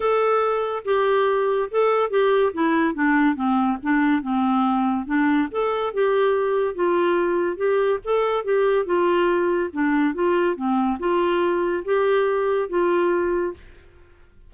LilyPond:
\new Staff \with { instrumentName = "clarinet" } { \time 4/4 \tempo 4 = 142 a'2 g'2 | a'4 g'4 e'4 d'4 | c'4 d'4 c'2 | d'4 a'4 g'2 |
f'2 g'4 a'4 | g'4 f'2 d'4 | f'4 c'4 f'2 | g'2 f'2 | }